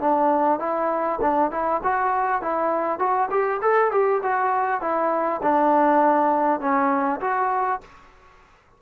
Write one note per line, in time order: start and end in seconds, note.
0.00 0.59 D4
0.59 1.19 E4
1.21 1.51 D4
1.51 1.81 E4
1.83 2.41 F#4
2.41 2.99 E4
2.99 3.29 F#4
3.30 3.60 G4
3.62 3.91 A4
3.91 4.21 G4
4.22 4.81 F#4
4.81 5.41 E4
5.42 6.60 D4
6.60 7.20 C#4
7.20 7.80 F#4